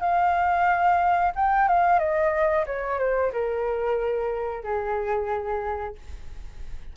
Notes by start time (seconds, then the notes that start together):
0.00 F5
1.35 G5
1.68 F5
1.99 D#5
2.66 C#5
2.99 C5
3.32 A#4
4.63 G#4